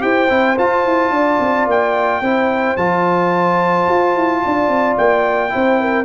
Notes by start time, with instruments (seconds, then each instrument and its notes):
0.00 tuba E4, trombone G4, horn C5, trumpet G5
0.29 tuba C4, trombone E4
0.58 trombone F4, tuba F4, trumpet A5
0.85 tuba E4
1.11 tuba D4, horn D5
1.40 tuba C4
1.67 tuba A#3, trumpet G5
2.21 tuba C4, trombone E4, horn C5
2.77 tuba F3, trombone F4, trumpet A5
3.88 tuba F4
4.15 tuba E4
4.43 tuba D4, horn D5
4.68 tuba C4
4.98 tuba A#3, trumpet G5
5.49 tuba C4, trombone E4, horn C5
5.80 horn A#4